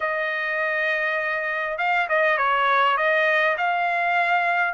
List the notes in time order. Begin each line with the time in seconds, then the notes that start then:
0.00 D#5
1.77 F5
2.08 D#5
2.37 C#5
2.97 D#5
3.57 F5